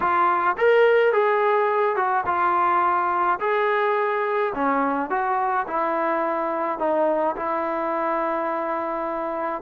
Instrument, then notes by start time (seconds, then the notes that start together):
trombone
0.00 F4
0.57 A#4
1.12 G#4
1.96 F#4
2.26 F4
3.40 G#4
4.54 C#4
5.09 F#4
5.67 E4
6.78 D#4
7.36 E4